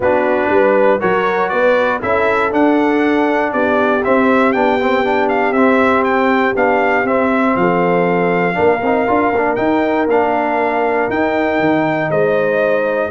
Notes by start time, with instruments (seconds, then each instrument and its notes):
0.00 tuba B3, trombone D4, horn F#4, trumpet B4
0.49 tuba G3, horn B4
1.00 tuba F#3, trombone F#4, horn A#4, trumpet C#5
1.49 tuba B3, horn B4, trumpet D5
2.01 tuba C#4, trombone E4, horn A4, trumpet E5
2.51 trombone D4, tuba D4, trumpet F#5
3.53 tuba B3, horn G4, trumpet D5
4.04 trombone C4, tuba C4, trumpet E5
4.52 tuba B3, trombone D4, trumpet G5
4.80 trombone C4
5.04 trombone D4
5.29 trumpet F5
5.52 tuba C4, trombone C4, trumpet E5
6.04 trumpet G5
6.55 tuba B3, trombone D4, trumpet F5
7.04 tuba C4, trombone C4, trumpet E5
7.55 tuba F3, horn A4, trumpet F5
8.53 tuba A#3, trombone D4, horn A#4
8.82 tuba C4, trombone D#4
9.07 tuba D4, trombone F4
9.32 tuba A#3, trombone D4
9.55 trombone D#4, tuba D#4, trumpet G5
10.07 tuba A#3, trombone D4, trumpet F5
11.09 tuba D#4, trombone D#4, trumpet G5
11.59 tuba D#3
12.10 tuba G#3, horn C5, trumpet D#5